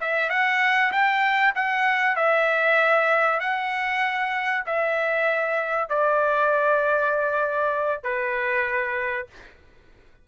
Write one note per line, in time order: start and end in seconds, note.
0.00 0.30 E5
0.30 0.91 F#5
0.92 1.54 G5
1.55 2.16 F#5
2.16 3.40 E5
3.40 4.64 F#5
4.66 5.89 E5
5.89 8.03 D5
8.03 9.26 B4